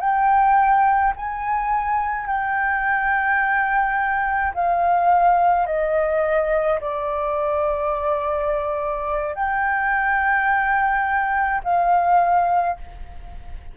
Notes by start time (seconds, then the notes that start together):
0.00 G5
1.16 G#5
2.27 G5
4.54 F5
5.67 D#5
6.80 D5
9.35 G5
11.63 F5